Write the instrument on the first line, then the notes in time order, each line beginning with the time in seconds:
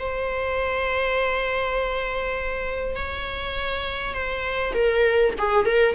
viola
0.00 C5
2.96 C#5
4.14 C5
4.74 A#4
5.39 G#4
5.66 A#4